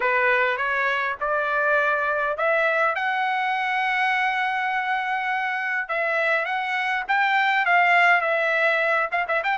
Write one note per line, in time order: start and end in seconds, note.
0.00 0.57 B4
0.57 1.16 C#5
1.20 2.37 D5
2.37 2.95 E5
2.95 5.88 F#5
5.88 6.45 E5
6.45 7.03 F#5
7.07 7.65 G5
7.65 8.21 F5
8.21 9.09 E5
9.11 9.26 F5
9.28 9.42 E5
9.43 9.57 G5